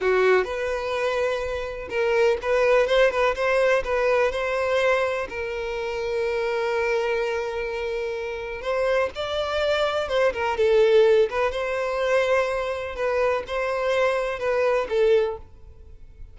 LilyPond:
\new Staff \with { instrumentName = "violin" } { \time 4/4 \tempo 4 = 125 fis'4 b'2. | ais'4 b'4 c''8 b'8 c''4 | b'4 c''2 ais'4~ | ais'1~ |
ais'2 c''4 d''4~ | d''4 c''8 ais'8 a'4. b'8 | c''2. b'4 | c''2 b'4 a'4 | }